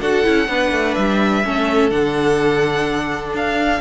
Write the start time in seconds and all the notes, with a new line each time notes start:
0.00 D4 F#4 A4 F#5
0.23 C#4 E4
0.48 B3 D4 B4
0.72 A3
0.94 G3 E5
1.44 A3 C#4 A4
1.90 D3 D4 F#5
3.33 D4 F5